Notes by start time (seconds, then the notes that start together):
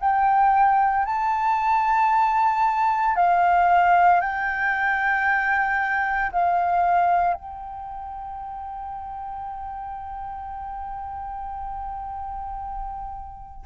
0.00 G5
1.05 A5
3.16 F5
4.21 G5
6.32 F5
7.34 G5